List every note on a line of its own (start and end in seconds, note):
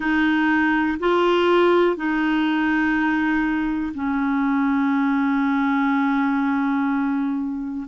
0.00 0.98 D#4
0.99 1.96 F4
1.96 3.93 D#4
3.94 7.87 C#4